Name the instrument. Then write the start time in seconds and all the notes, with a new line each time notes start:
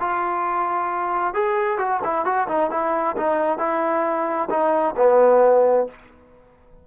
trombone
0.00 F4
1.34 G#4
1.78 F#4
2.04 E4
2.25 F#4
2.48 D#4
2.71 E4
3.17 D#4
3.58 E4
4.50 D#4
4.97 B3